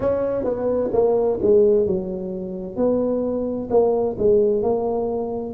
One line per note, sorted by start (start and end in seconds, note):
0.00 0.44 C#4
0.44 0.90 B3
0.92 1.38 A#3
1.41 1.86 G#3
1.86 2.76 F#3
2.76 3.68 B3
3.70 4.16 A#3
4.18 4.62 G#3
4.62 5.54 A#3